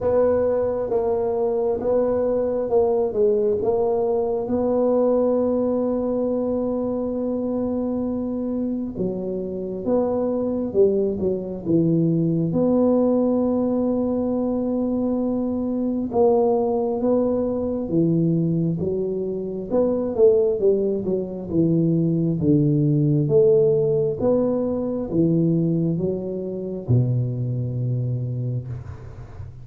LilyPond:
\new Staff \with { instrumentName = "tuba" } { \time 4/4 \tempo 4 = 67 b4 ais4 b4 ais8 gis8 | ais4 b2.~ | b2 fis4 b4 | g8 fis8 e4 b2~ |
b2 ais4 b4 | e4 fis4 b8 a8 g8 fis8 | e4 d4 a4 b4 | e4 fis4 b,2 | }